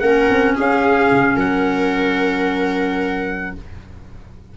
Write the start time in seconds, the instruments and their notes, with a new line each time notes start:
0.00 tuba A#3, clarinet C#4, viola A#4, trumpet F#5
0.29 tuba C4
0.55 tuba C#4, viola G#4, trumpet F5
1.11 tuba C#3
1.36 tuba F#3, viola A#4, trumpet F#5